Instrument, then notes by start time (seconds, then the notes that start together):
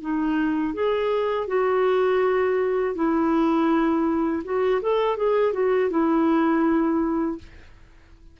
clarinet
0.00 D#4
0.73 G#4
1.47 F#4
2.95 E4
4.44 F#4
4.81 A4
5.17 G#4
5.53 F#4
5.90 E4